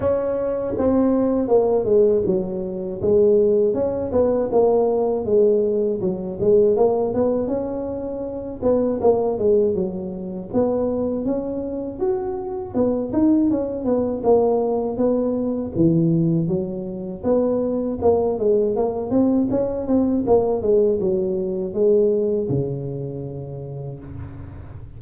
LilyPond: \new Staff \with { instrumentName = "tuba" } { \time 4/4 \tempo 4 = 80 cis'4 c'4 ais8 gis8 fis4 | gis4 cis'8 b8 ais4 gis4 | fis8 gis8 ais8 b8 cis'4. b8 | ais8 gis8 fis4 b4 cis'4 |
fis'4 b8 dis'8 cis'8 b8 ais4 | b4 e4 fis4 b4 | ais8 gis8 ais8 c'8 cis'8 c'8 ais8 gis8 | fis4 gis4 cis2 | }